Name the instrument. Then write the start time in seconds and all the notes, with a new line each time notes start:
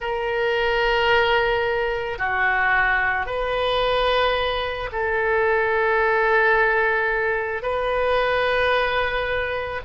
oboe
0.00 A#4
2.18 F#4
3.26 B4
4.91 A4
7.62 B4